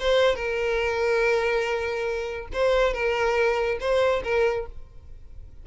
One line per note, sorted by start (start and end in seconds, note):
0.00 0.35 C5
0.35 2.48 A#4
2.53 2.93 C5
2.93 3.78 A#4
3.80 4.23 C5
4.24 4.66 A#4